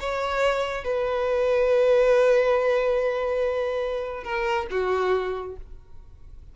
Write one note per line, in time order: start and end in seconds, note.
0.00 0.84 C#5
0.84 4.24 B4
4.24 4.67 A#4
4.71 5.57 F#4